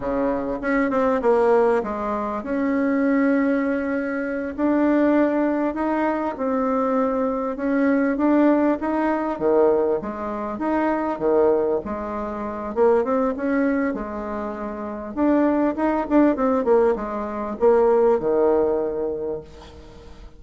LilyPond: \new Staff \with { instrumentName = "bassoon" } { \time 4/4 \tempo 4 = 99 cis4 cis'8 c'8 ais4 gis4 | cis'2.~ cis'8 d'8~ | d'4. dis'4 c'4.~ | c'8 cis'4 d'4 dis'4 dis8~ |
dis8 gis4 dis'4 dis4 gis8~ | gis4 ais8 c'8 cis'4 gis4~ | gis4 d'4 dis'8 d'8 c'8 ais8 | gis4 ais4 dis2 | }